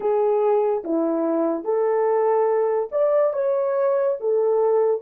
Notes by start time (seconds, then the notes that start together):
0.00 G#4
0.84 E4
1.64 A4
2.91 D5
3.33 C#5
4.20 A4